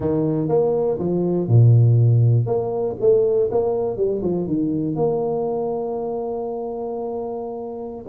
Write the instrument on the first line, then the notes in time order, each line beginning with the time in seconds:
tuba
0.00 D#3
0.48 A#3
0.98 F3
1.47 A#2
2.46 A#3
3.00 A3
3.51 A#3
3.96 G3
4.22 F3
4.47 D#3
4.95 A#3